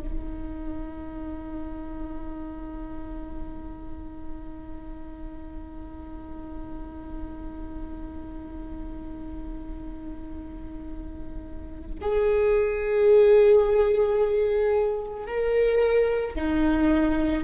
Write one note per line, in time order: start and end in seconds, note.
0.00 12.00 D#4
12.01 15.27 G#4
15.27 16.35 A#4
16.35 17.43 D#4